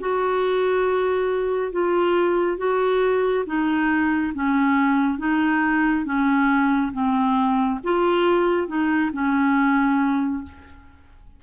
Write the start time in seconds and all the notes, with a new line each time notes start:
0.00 F#4
1.72 F4
2.58 F#4
3.46 D#4
4.35 C#4
5.19 D#4
6.05 C#4
6.93 C4
7.84 F4
8.68 D#4
9.13 C#4